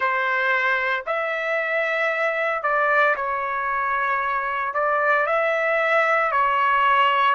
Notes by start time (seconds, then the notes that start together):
0.00 C5
1.06 E5
2.62 D5
3.16 C#5
4.74 D5
5.26 E5
6.31 C#5